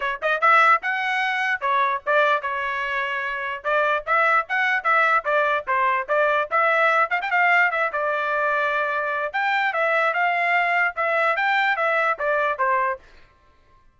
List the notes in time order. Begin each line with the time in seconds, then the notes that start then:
0.00 C#5
0.22 D#5
0.40 E5
0.82 F#5
1.60 C#5
2.06 D5
2.42 C#5
3.64 D5
4.06 E5
4.49 F#5
4.83 E5
5.24 D5
5.67 C5
6.08 D5
6.51 E5
7.10 F5
7.21 G5
7.31 F5
7.71 E5
7.92 D5
9.32 G5
9.73 E5
10.13 F5
10.96 E5
11.36 G5
11.76 E5
12.18 D5
12.58 C5